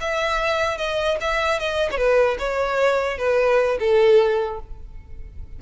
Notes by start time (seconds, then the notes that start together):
0.00 E5
0.77 D#5
1.21 E5
1.59 D#5
1.91 B4 C#5
2.39 C#5
3.18 B4
3.79 A4